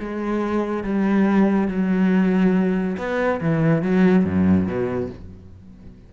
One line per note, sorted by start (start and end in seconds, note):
0.00 0.84 G#3
0.84 1.69 G3
1.69 2.97 F#3
2.98 3.41 B3
3.41 3.83 E3
3.83 4.25 F#3
4.25 4.67 F#2
4.67 5.10 B2